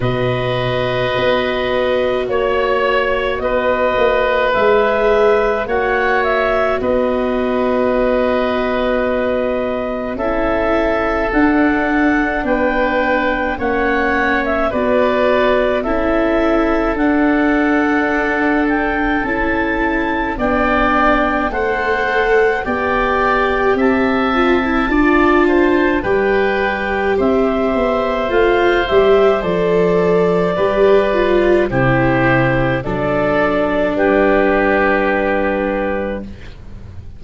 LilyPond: <<
  \new Staff \with { instrumentName = "clarinet" } { \time 4/4 \tempo 4 = 53 dis''2 cis''4 dis''4 | e''4 fis''8 e''8 dis''2~ | dis''4 e''4 fis''4 g''4 | fis''8. e''16 d''4 e''4 fis''4~ |
fis''8 g''8 a''4 g''4 fis''4 | g''4 a''2 g''4 | e''4 f''8 e''8 d''2 | c''4 d''4 b'2 | }
  \new Staff \with { instrumentName = "oboe" } { \time 4/4 b'2 cis''4 b'4~ | b'4 cis''4 b'2~ | b'4 a'2 b'4 | cis''4 b'4 a'2~ |
a'2 d''4 c''4 | d''4 e''4 d''8 c''8 b'4 | c''2. b'4 | g'4 a'4 g'2 | }
  \new Staff \with { instrumentName = "viola" } { \time 4/4 fis'1 | gis'4 fis'2.~ | fis'4 e'4 d'2 | cis'4 fis'4 e'4 d'4~ |
d'4 e'4 d'4 a'4 | g'4. f'16 e'16 f'4 g'4~ | g'4 f'8 g'8 a'4 g'8 f'8 | e'4 d'2. | }
  \new Staff \with { instrumentName = "tuba" } { \time 4/4 b,4 b4 ais4 b8 ais8 | gis4 ais4 b2~ | b4 cis'4 d'4 b4 | ais4 b4 cis'4 d'4~ |
d'4 cis'4 b4 a4 | b4 c'4 d'4 g4 | c'8 b8 a8 g8 f4 g4 | c4 fis4 g2 | }
>>